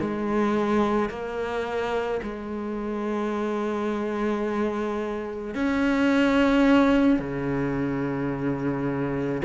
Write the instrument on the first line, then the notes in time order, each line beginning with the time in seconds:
cello
0.00 G#3
1.09 A#3
2.22 G#3
5.54 C#4
7.19 C#3